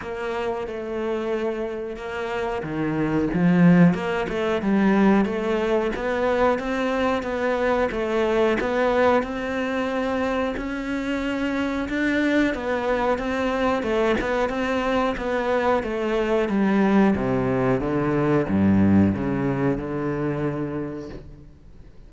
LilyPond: \new Staff \with { instrumentName = "cello" } { \time 4/4 \tempo 4 = 91 ais4 a2 ais4 | dis4 f4 ais8 a8 g4 | a4 b4 c'4 b4 | a4 b4 c'2 |
cis'2 d'4 b4 | c'4 a8 b8 c'4 b4 | a4 g4 c4 d4 | g,4 cis4 d2 | }